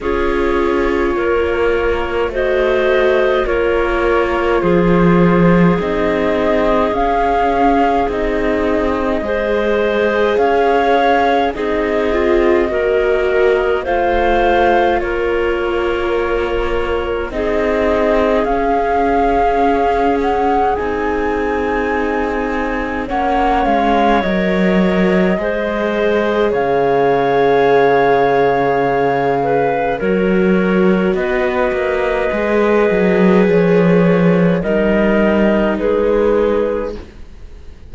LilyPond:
<<
  \new Staff \with { instrumentName = "flute" } { \time 4/4 \tempo 4 = 52 cis''2 dis''4 cis''4 | c''4 dis''4 f''4 dis''4~ | dis''4 f''4 dis''2 | f''4 cis''2 dis''4 |
f''4. fis''8 gis''2 | fis''8 f''8 dis''2 f''4~ | f''2 cis''4 dis''4~ | dis''4 cis''4 dis''4 b'4 | }
  \new Staff \with { instrumentName = "clarinet" } { \time 4/4 gis'4 ais'4 c''4 ais'4 | gis'1 | c''4 cis''4 gis'4 ais'4 | c''4 ais'2 gis'4~ |
gis'1 | cis''2 c''4 cis''4~ | cis''4. b'8 ais'4 b'4~ | b'2 ais'4 gis'4 | }
  \new Staff \with { instrumentName = "viola" } { \time 4/4 f'2 fis'4 f'4~ | f'4 dis'4 cis'4 dis'4 | gis'2 dis'8 f'8 fis'4 | f'2. dis'4 |
cis'2 dis'2 | cis'4 ais'4 gis'2~ | gis'2 fis'2 | gis'2 dis'2 | }
  \new Staff \with { instrumentName = "cello" } { \time 4/4 cis'4 ais4 a4 ais4 | f4 c'4 cis'4 c'4 | gis4 cis'4 c'4 ais4 | a4 ais2 c'4 |
cis'2 c'2 | ais8 gis8 fis4 gis4 cis4~ | cis2 fis4 b8 ais8 | gis8 fis8 f4 g4 gis4 | }
>>